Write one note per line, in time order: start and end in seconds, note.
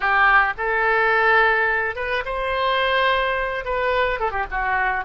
0.00 0.53 G4
0.57 1.95 A4
1.95 2.23 B4
2.25 3.64 C5
3.64 4.19 B4
4.19 4.30 A4
4.30 4.45 G4
4.50 5.05 F#4